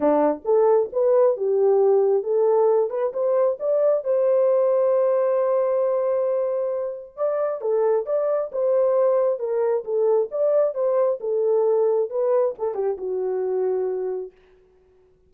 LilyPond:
\new Staff \with { instrumentName = "horn" } { \time 4/4 \tempo 4 = 134 d'4 a'4 b'4 g'4~ | g'4 a'4. b'8 c''4 | d''4 c''2.~ | c''1 |
d''4 a'4 d''4 c''4~ | c''4 ais'4 a'4 d''4 | c''4 a'2 b'4 | a'8 g'8 fis'2. | }